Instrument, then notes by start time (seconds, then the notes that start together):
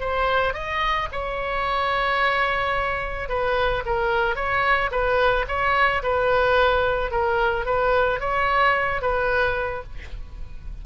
oboe
0.00 C5
0.54 D#5
1.12 C#5
3.29 B4
3.86 A#4
4.36 C#5
4.91 B4
5.48 C#5
6.03 B4
7.11 A#4
7.66 B4
8.20 C#5
9.02 B4